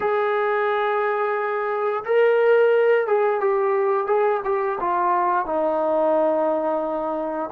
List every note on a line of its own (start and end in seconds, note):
0.00 2.03 G#4
2.05 3.07 A#4
3.07 3.40 G#4
3.40 4.06 G4
4.06 4.40 G#4
4.44 4.78 G4
4.80 5.45 F4
5.45 7.50 D#4